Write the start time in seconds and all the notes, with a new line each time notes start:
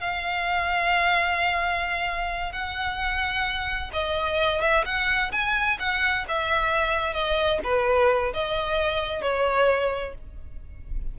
0.00 F5
2.53 F#5
3.93 D#5
4.62 E5
4.86 F#5
5.32 G#5
5.79 F#5
6.28 E5
7.14 D#5
7.64 B4
8.34 D#5
9.22 C#5